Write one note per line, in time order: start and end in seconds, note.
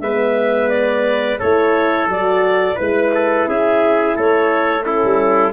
0.00 1.38 G#3
0.00 1.41 B3
0.00 1.39 B4
0.00 0.69 E5
0.69 1.38 D5
1.39 2.07 A3
1.39 2.11 E4
1.39 2.75 A4
1.39 2.08 C#5
2.07 2.76 F#3
2.07 2.75 F#4
2.07 2.79 D5
2.75 3.47 G#3
2.75 4.82 E4
2.75 3.09 B4
2.75 3.48 B4
3.14 3.48 A4
3.47 4.16 C#4
3.47 4.16 G#4
3.47 4.17 E5
4.16 5.03 A3
4.16 4.85 A4
4.16 4.83 C#5
4.83 5.52 C#4
4.83 5.52 E4
4.83 5.52 A4
5.04 5.52 G3